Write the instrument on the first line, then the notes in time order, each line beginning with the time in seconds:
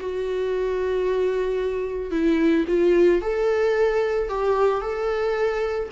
viola
0.00 F#4
2.11 E4
2.67 F4
3.22 A4
4.29 G4
4.81 A4